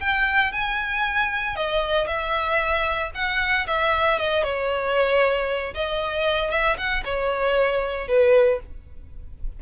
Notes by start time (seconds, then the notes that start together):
0.00 G5
0.52 G#5
1.56 D#5
2.07 E5
3.14 F#5
3.67 E5
4.18 D#5
4.43 C#5
5.74 D#5
6.51 E5
6.77 F#5
7.05 C#5
8.08 B4